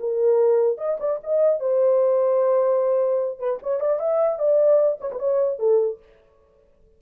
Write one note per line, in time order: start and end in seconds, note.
0.00 0.78 A#4
0.78 0.98 D#5
1.00 1.20 D5
1.23 1.60 D#5
1.60 3.39 C5
3.39 3.59 B4
3.63 3.81 C#5
3.81 4.00 D5
4.00 4.39 E5
4.39 4.99 D5
5.01 5.11 C#5
5.12 5.19 B4
5.19 5.59 C#5
5.59 5.99 A4